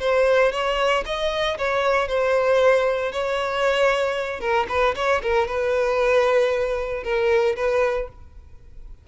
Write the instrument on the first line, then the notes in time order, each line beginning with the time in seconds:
violin
0.00 C5
0.52 C#5
1.06 D#5
1.58 C#5
2.08 C5
3.12 C#5
4.41 A#4
4.69 B4
4.96 C#5
5.23 A#4
5.48 B4
7.04 A#4
7.56 B4